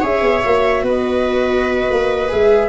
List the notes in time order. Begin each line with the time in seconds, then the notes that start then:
0.00 C#4 G#4 C#5 E5
0.21 B3
0.44 A#3 F#4
0.82 B3 B4
0.88 D#5
1.90 A#3
2.28 G#3 G#4 E5